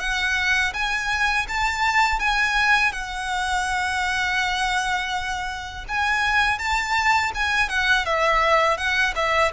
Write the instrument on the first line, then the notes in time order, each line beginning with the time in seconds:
violin
0.00 F#5
0.74 G#5
1.49 A5
2.20 G#5
2.93 F#5
5.88 G#5
6.59 A5
7.35 G#5
7.69 F#5
8.06 E5
8.77 F#5
9.16 E5